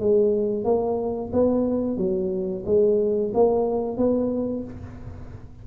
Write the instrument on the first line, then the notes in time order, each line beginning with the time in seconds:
tuba
0.00 G#3
0.65 A#3
1.33 B3
1.97 F#3
2.66 G#3
3.34 A#3
3.97 B3